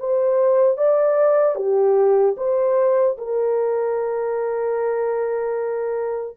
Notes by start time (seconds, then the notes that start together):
0.00 C5
0.78 D5
1.56 G4
2.37 C5
3.18 A#4